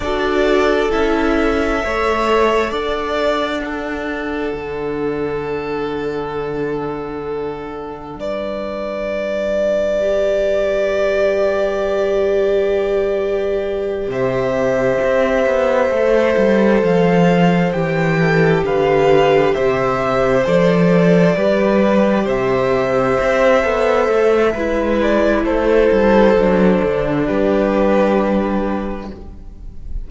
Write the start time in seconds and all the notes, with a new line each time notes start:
0.00 D4 F#4 A4 D5
0.90 C#4 E4 E5
1.84 A3 A4 C#5
2.70 D4 D5 F#5
3.64 D4 A4
4.53 D3
8.16 G3 B4 D5
10.00 G4
14.07 C3 C5 E5
15.04 C4
15.46 B3
15.89 A3 A4
16.37 G3
16.81 F3 F5
17.72 E3 G4 G5
18.18 A4
18.63 D3 B4 F5
19.53 C3 C5 E5
20.45 F3 A4 D5
21.35 G3 G4 B4
22.24 C3 C5 E5
23.20 C4
23.62 B3 A4
24.08 A3
24.54 G#3 E4 B4
25.02 D5
25.44 A3 A4 C5
25.92 G3
26.35 F#3 D4
26.84 D3
27.25 G3 G4 B4